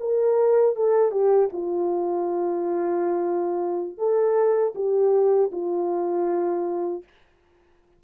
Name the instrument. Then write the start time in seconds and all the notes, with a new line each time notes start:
horn
0.00 A#4
0.76 A4
1.12 G4
1.53 F4
3.98 A4
4.76 G4
5.52 F4